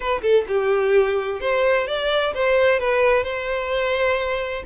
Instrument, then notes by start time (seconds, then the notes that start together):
violin
0.00 B4
0.22 A4
0.48 G4
1.40 C5
1.87 D5
2.34 C5
2.79 B4
3.23 C5